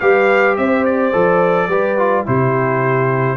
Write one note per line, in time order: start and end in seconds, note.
0.00 0.57 G3
0.00 1.12 G4
0.00 0.56 B4
0.00 0.56 F5
0.57 1.14 C4
0.57 1.69 C5
0.57 0.85 E5
0.85 2.25 D5
1.12 1.68 F3
1.12 1.68 A4
1.68 2.24 G3
1.68 1.98 G4
1.68 2.25 B4
1.98 2.26 F4
2.26 3.37 C3
2.26 3.37 E4
2.26 3.37 G4
2.26 3.37 C5